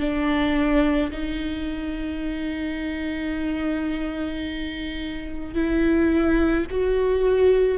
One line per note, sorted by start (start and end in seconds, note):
0.00 1.11 D4
1.11 5.55 D#4
5.55 6.66 E4
6.71 7.78 F#4